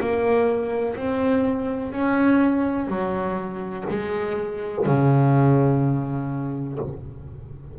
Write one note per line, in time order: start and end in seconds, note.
0.00 0.96 A#3
0.96 1.92 C4
1.92 2.88 C#4
2.88 3.84 F#3
3.90 4.86 G#3
4.86 6.79 C#3